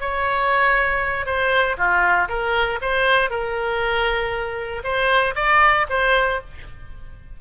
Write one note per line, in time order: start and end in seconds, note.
0.00 1.26 C#5
1.26 1.76 C5
1.77 2.28 F4
2.28 2.79 A#4
2.81 3.30 C5
3.30 4.82 A#4
4.84 5.34 C5
5.35 5.86 D5
5.89 6.40 C5